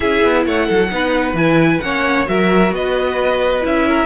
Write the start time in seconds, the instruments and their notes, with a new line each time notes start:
0.00 cello C#4, viola E4, violin G#4 E5
0.23 cello B3
0.46 cello A3, violin C#5 F#5
0.66 cello F#3, violin A4
0.90 cello B3, viola D#4, violin B4
1.33 cello E3, viola E4, violin G#5
1.80 cello A#3, viola C#4, violin C#5 F#5
2.26 cello F#3, viola F#4, violin A#4 E5
2.71 cello B3, violin B4 D#5
3.61 cello C#4, viola E4, violin E5
3.88 violin A#4